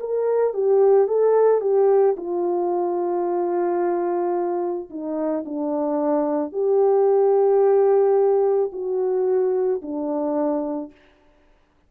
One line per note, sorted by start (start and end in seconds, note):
0.00 0.54 A#4
0.54 1.08 G4
1.08 1.61 A4
1.61 2.16 G4
2.17 4.89 F4
4.90 5.44 D#4
5.45 6.53 D4
6.53 8.71 G4
8.73 9.82 F#4
9.82 10.91 D4